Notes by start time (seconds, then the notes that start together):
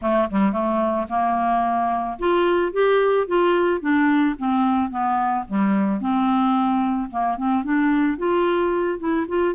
0.01 A3
0.30 G3
0.52 A3
1.09 A#3
2.18 F4
2.72 G4
3.27 F4
3.81 D4
4.38 C4
4.90 B3
5.48 G3
6.00 C4
7.10 A#3
7.37 C4
7.64 D4
8.18 F4
8.99 E4
9.28 F4